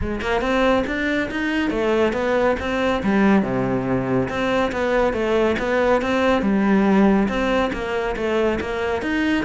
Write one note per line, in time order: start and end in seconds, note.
0.01 0.21 G#3
0.21 0.41 A#3
0.41 0.84 C4
0.86 1.29 D4
1.30 1.70 D#4
1.70 2.13 A3
2.13 2.55 B3
2.59 3.02 C4
3.03 3.42 G3
3.42 4.28 C3
4.28 4.71 C4
4.72 5.13 B3
5.13 5.56 A3
5.58 6.01 B3
6.01 6.42 C4
6.42 7.28 G3
7.28 7.71 C4
7.72 8.15 A#3
8.16 8.59 A3
8.60 9.02 A#3
9.02 9.45 D#4